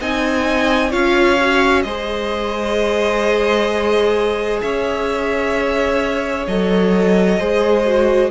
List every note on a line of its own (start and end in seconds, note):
0.00 0.93 C4
0.00 0.91 D#4
0.00 0.90 D#5
0.00 0.92 G#5
0.90 1.84 C#4
0.90 1.37 F4
0.90 1.83 C#5
0.90 1.82 F5
1.41 1.85 F#4
1.82 4.61 G#3
1.82 6.47 G#4
1.82 4.62 C5
1.82 4.59 D#5
4.61 6.47 C#4
4.61 7.39 C#5
4.61 6.46 E5
6.47 7.39 F#3
6.47 7.40 A4
6.47 8.30 D#5
7.39 8.30 G#3
7.39 7.86 G#4
7.39 8.30 C5
7.86 8.30 F#4